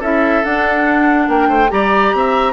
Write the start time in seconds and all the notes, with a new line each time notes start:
0.00 C#4 E4 A4 E5
0.44 D4 F#5
1.28 A#3 A#4 G5
1.48 A3 C5
1.69 G3 G4 D5 A#5
2.14 C4 E5